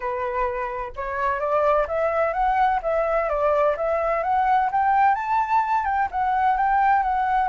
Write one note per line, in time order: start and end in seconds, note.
0.00 0.92 B4
0.96 1.39 C#5
1.39 1.86 D5
1.87 2.33 E5
2.33 2.80 F#5
2.82 3.29 E5
3.29 3.75 D5
3.76 4.23 E5
4.23 4.70 F#5
4.71 5.15 G5
5.15 5.84 A5
5.84 6.08 G5
6.11 6.57 F#5
6.57 7.02 G5
7.02 7.48 F#5